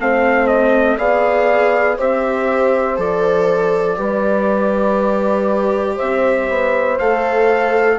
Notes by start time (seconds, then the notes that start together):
0.00 A3 C4 C5 F5
0.47 D#5
0.98 B3 G#4 D5 F5
1.98 C4 G4 C5 E5
2.97 F3 A4 D5
3.97 G3 G4 B4
5.96 C4 C5 E5
6.50 B3
6.99 A3 A4 F5